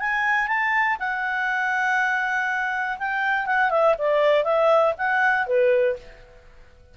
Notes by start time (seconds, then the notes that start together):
0.00 G#5
0.48 A5
0.99 F#5
2.98 G5
3.46 F#5
3.70 E5
3.98 D5
4.44 E5
4.98 F#5
5.46 B4